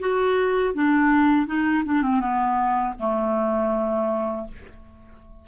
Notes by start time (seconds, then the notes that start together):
0.00 F#4
0.74 D4
1.47 D#4
1.85 D4
2.02 C4
2.20 B3
2.99 A3